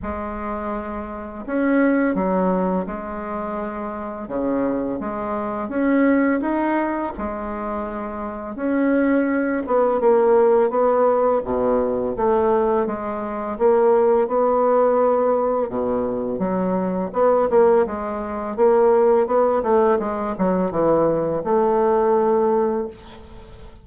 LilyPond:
\new Staff \with { instrumentName = "bassoon" } { \time 4/4 \tempo 4 = 84 gis2 cis'4 fis4 | gis2 cis4 gis4 | cis'4 dis'4 gis2 | cis'4. b8 ais4 b4 |
b,4 a4 gis4 ais4 | b2 b,4 fis4 | b8 ais8 gis4 ais4 b8 a8 | gis8 fis8 e4 a2 | }